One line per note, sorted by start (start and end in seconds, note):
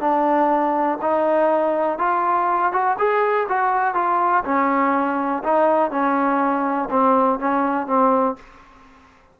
0.00 0.98 D4
1.02 1.99 D#4
1.99 2.73 F4
2.73 2.97 F#4
2.98 3.48 G#4
3.49 3.95 F#4
3.95 4.44 F4
4.44 5.43 C#4
5.44 5.91 D#4
5.91 6.89 C#4
6.90 7.39 C4
7.39 7.87 C#4
7.87 8.36 C4